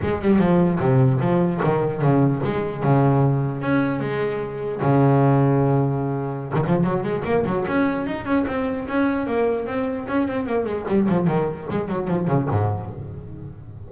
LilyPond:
\new Staff \with { instrumentName = "double bass" } { \time 4/4 \tempo 4 = 149 gis8 g8 f4 c4 f4 | dis4 cis4 gis4 cis4~ | cis4 cis'4 gis2 | cis1~ |
cis16 dis16 f8 fis8 gis8 ais8 fis8 cis'4 | dis'8 cis'8 c'4 cis'4 ais4 | c'4 cis'8 c'8 ais8 gis8 g8 f8 | dis4 gis8 fis8 f8 cis8 gis,4 | }